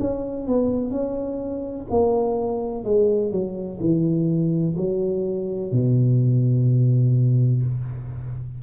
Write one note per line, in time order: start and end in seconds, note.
0.00 0.47 C#4
0.47 0.91 B3
0.91 1.86 C#4
1.90 2.84 A#3
2.84 3.31 G#3
3.31 3.79 F#3
3.80 4.75 E3
4.77 5.72 F#3
5.72 7.62 B2